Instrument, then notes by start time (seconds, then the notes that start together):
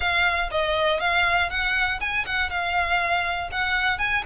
violin
0.00 F5
0.51 D#5
1.00 F5
1.50 F#5
2.00 G#5
2.25 F#5
2.50 F5
3.51 F#5
3.98 G#5